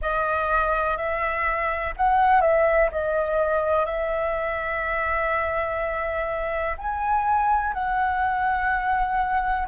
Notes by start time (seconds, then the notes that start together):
0.01 D#5
0.97 E5
1.96 F#5
2.41 E5
2.91 D#5
3.85 E5
6.77 G#5
7.73 F#5